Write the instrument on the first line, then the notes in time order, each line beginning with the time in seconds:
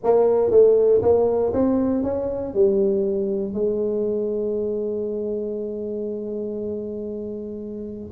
tuba
0.03 A#3
0.51 A3
1.02 A#3
1.53 C4
2.03 C#4
2.54 G3
3.53 G#3